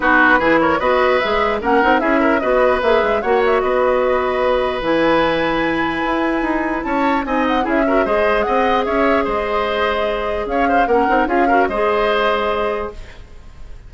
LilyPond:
<<
  \new Staff \with { instrumentName = "flute" } { \time 4/4 \tempo 4 = 149 b'4. cis''8 dis''4 e''4 | fis''4 e''4 dis''4 e''4 | fis''8 e''8 dis''2. | gis''1~ |
gis''4 a''4 gis''8 fis''8 e''4 | dis''4 fis''4 e''4 dis''4~ | dis''2 f''4 fis''4 | f''4 dis''2. | }
  \new Staff \with { instrumentName = "oboe" } { \time 4/4 fis'4 gis'8 ais'8 b'2 | ais'4 gis'8 ais'8 b'2 | cis''4 b'2.~ | b'1~ |
b'4 cis''4 dis''4 gis'8 ais'8 | c''4 dis''4 cis''4 c''4~ | c''2 cis''8 c''8 ais'4 | gis'8 ais'8 c''2. | }
  \new Staff \with { instrumentName = "clarinet" } { \time 4/4 dis'4 e'4 fis'4 gis'4 | cis'8 dis'8 e'4 fis'4 gis'4 | fis'1 | e'1~ |
e'2 dis'4 e'8 fis'8 | gis'1~ | gis'2. cis'8 dis'8 | f'8 fis'8 gis'2. | }
  \new Staff \with { instrumentName = "bassoon" } { \time 4/4 b4 e4 b4 gis4 | ais8 c'8 cis'4 b4 ais8 gis8 | ais4 b2. | e2. e'4 |
dis'4 cis'4 c'4 cis'4 | gis4 c'4 cis'4 gis4~ | gis2 cis'4 ais8 c'8 | cis'4 gis2. | }
>>